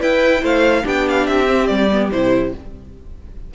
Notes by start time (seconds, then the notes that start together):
0.00 E4 B4 G5
0.42 A3 C5 F5
0.83 B3 D4 G4 G5
1.09 F5
1.27 C4 E5
1.46 C4
1.67 G3 D5
1.92 B3
2.12 C3 E4 C5